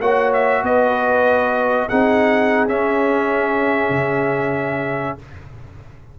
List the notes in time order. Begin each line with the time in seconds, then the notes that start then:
0.00 A#3 F#4 C#5 F#5
0.33 E5
0.63 B3 B4 D#5
1.89 C4 D#4 G#4 F#5
2.68 C#4 E5
3.90 C#3